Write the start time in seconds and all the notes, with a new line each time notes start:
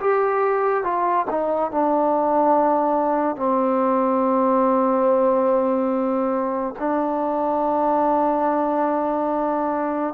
0.00 G4
0.83 F4
1.30 D#4
1.71 D4
3.36 C4
6.79 D4